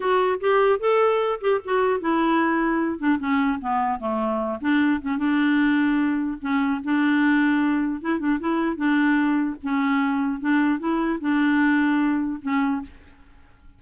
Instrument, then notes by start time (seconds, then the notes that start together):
clarinet
0.00 F#4
0.40 G4
0.79 A4
1.41 G4
1.64 F#4
2.00 E4
2.98 D4
3.19 C#4
3.61 B3
3.99 A3
4.60 D4
5.01 C#4
5.18 D4
6.41 C#4
6.83 D4
8.01 E4
8.19 D4
8.39 E4
8.76 D4
9.62 C#4
10.40 D4
10.79 E4
11.20 D4
12.41 C#4